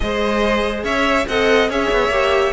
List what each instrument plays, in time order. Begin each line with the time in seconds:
0.00 cello G#3, viola G#4, violin C5 D#5
0.83 cello C#4, violin C#5 E5
1.27 cello C4, viola A4, violin D#5 F#5
1.69 cello C#4, viola G#4, violin C#5 E5
1.91 cello B3
2.08 cello A#3, viola G4